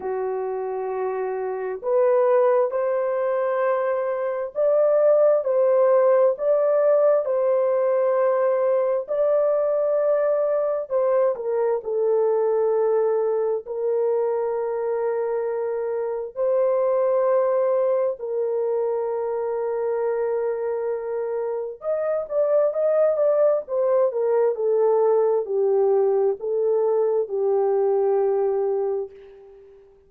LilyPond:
\new Staff \with { instrumentName = "horn" } { \time 4/4 \tempo 4 = 66 fis'2 b'4 c''4~ | c''4 d''4 c''4 d''4 | c''2 d''2 | c''8 ais'8 a'2 ais'4~ |
ais'2 c''2 | ais'1 | dis''8 d''8 dis''8 d''8 c''8 ais'8 a'4 | g'4 a'4 g'2 | }